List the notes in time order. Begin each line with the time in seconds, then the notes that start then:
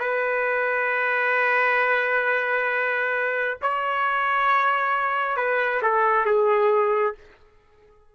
0.00 B4
3.62 C#5
5.37 B4
5.83 A4
6.26 G#4